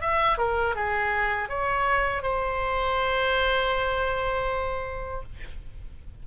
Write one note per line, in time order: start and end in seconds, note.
0.00 0.38 E5
0.38 0.75 A#4
0.75 1.49 G#4
1.49 2.22 C#5
2.22 5.22 C5